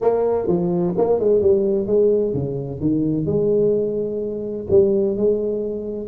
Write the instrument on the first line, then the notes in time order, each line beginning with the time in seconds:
tuba
0.01 A#3
0.47 F3
0.97 A#3
1.19 G#3
1.41 G3
1.86 G#3
2.33 C#3
2.80 D#3
3.26 G#3
4.70 G3
5.16 G#3